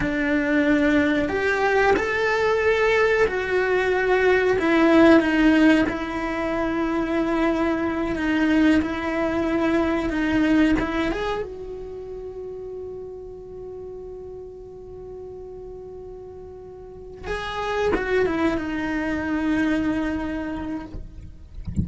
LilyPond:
\new Staff \with { instrumentName = "cello" } { \time 4/4 \tempo 4 = 92 d'2 g'4 a'4~ | a'4 fis'2 e'4 | dis'4 e'2.~ | e'8 dis'4 e'2 dis'8~ |
dis'8 e'8 gis'8 fis'2~ fis'8~ | fis'1~ | fis'2~ fis'8 gis'4 fis'8 | e'8 dis'2.~ dis'8 | }